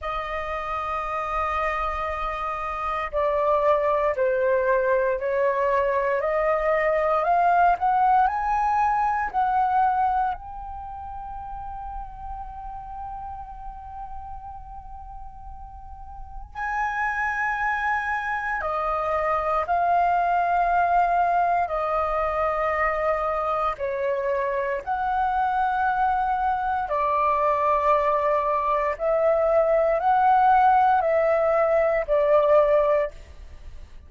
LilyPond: \new Staff \with { instrumentName = "flute" } { \time 4/4 \tempo 4 = 58 dis''2. d''4 | c''4 cis''4 dis''4 f''8 fis''8 | gis''4 fis''4 g''2~ | g''1 |
gis''2 dis''4 f''4~ | f''4 dis''2 cis''4 | fis''2 d''2 | e''4 fis''4 e''4 d''4 | }